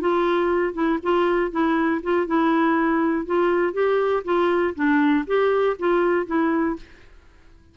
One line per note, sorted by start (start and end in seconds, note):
0.00 0.73 F4
0.73 0.98 E4
1.02 1.51 F4
1.51 2.01 E4
2.03 2.26 F4
2.26 3.26 E4
3.26 3.73 F4
3.73 4.23 G4
4.24 4.74 F4
4.75 5.25 D4
5.26 5.76 G4
5.79 6.26 F4
6.26 6.76 E4